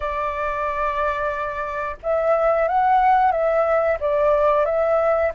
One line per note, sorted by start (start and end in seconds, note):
0.00 1.96 D5
2.02 2.68 E5
2.68 3.31 F#5
3.31 3.98 E5
3.99 4.65 D5
4.65 5.32 E5